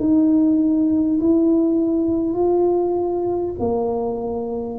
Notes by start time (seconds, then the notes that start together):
0.00 D#4
1.21 E4
2.34 F4
3.59 A#3